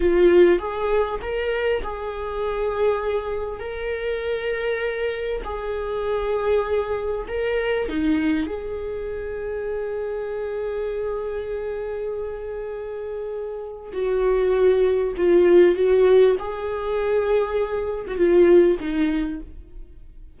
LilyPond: \new Staff \with { instrumentName = "viola" } { \time 4/4 \tempo 4 = 99 f'4 gis'4 ais'4 gis'4~ | gis'2 ais'2~ | ais'4 gis'2. | ais'4 dis'4 gis'2~ |
gis'1~ | gis'2. fis'4~ | fis'4 f'4 fis'4 gis'4~ | gis'4.~ gis'16 fis'16 f'4 dis'4 | }